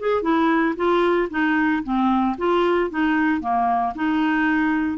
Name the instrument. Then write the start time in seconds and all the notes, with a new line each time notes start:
clarinet
0.00 G#4
0.23 E4
0.77 F4
1.31 D#4
1.84 C4
2.38 F4
2.91 D#4
3.41 A#3
3.95 D#4